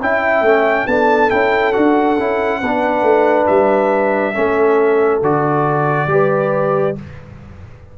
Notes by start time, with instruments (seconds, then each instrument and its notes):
0.00 tuba C#4, trombone E4, horn E5, trumpet G5
0.41 tuba A3, trombone C#4
0.86 tuba B3, trombone D4, horn A4, trumpet A5
1.29 tuba C#4, trombone E4, trumpet G5
1.72 tuba D4, trombone F#4, trumpet F#5
2.18 tuba C#4, trombone E4
2.60 tuba B3, trombone D4, horn B4
3.03 tuba A3
3.47 tuba G3, trumpet E5
4.33 tuba A3, trombone C#4, horn A4
5.22 tuba D3, trombone F#4, trumpet D5
6.07 tuba G3, trombone G4, horn B4